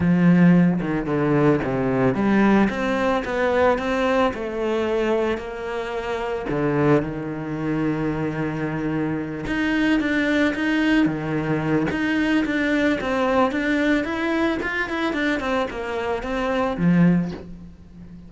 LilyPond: \new Staff \with { instrumentName = "cello" } { \time 4/4 \tempo 4 = 111 f4. dis8 d4 c4 | g4 c'4 b4 c'4 | a2 ais2 | d4 dis2.~ |
dis4. dis'4 d'4 dis'8~ | dis'8 dis4. dis'4 d'4 | c'4 d'4 e'4 f'8 e'8 | d'8 c'8 ais4 c'4 f4 | }